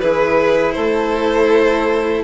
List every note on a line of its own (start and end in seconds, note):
0.00 0.76 E3
0.00 2.24 E4
0.00 0.76 G#4
0.00 0.72 B4
0.72 2.24 A3
0.72 2.24 A4
0.72 2.22 C5